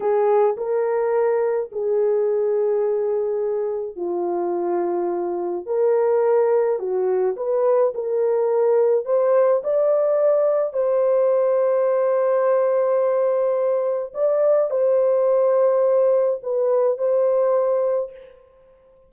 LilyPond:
\new Staff \with { instrumentName = "horn" } { \time 4/4 \tempo 4 = 106 gis'4 ais'2 gis'4~ | gis'2. f'4~ | f'2 ais'2 | fis'4 b'4 ais'2 |
c''4 d''2 c''4~ | c''1~ | c''4 d''4 c''2~ | c''4 b'4 c''2 | }